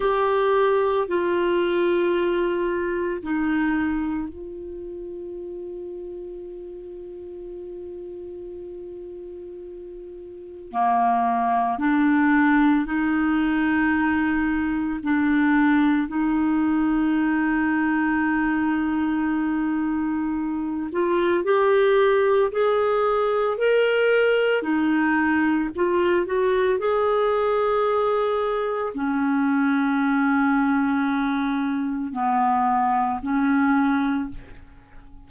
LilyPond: \new Staff \with { instrumentName = "clarinet" } { \time 4/4 \tempo 4 = 56 g'4 f'2 dis'4 | f'1~ | f'2 ais4 d'4 | dis'2 d'4 dis'4~ |
dis'2.~ dis'8 f'8 | g'4 gis'4 ais'4 dis'4 | f'8 fis'8 gis'2 cis'4~ | cis'2 b4 cis'4 | }